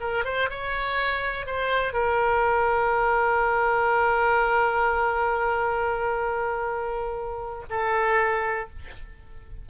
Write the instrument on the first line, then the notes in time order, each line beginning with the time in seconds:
oboe
0.00 A#4
0.25 C5
0.50 C#5
1.46 C5
1.93 A#4
7.70 A4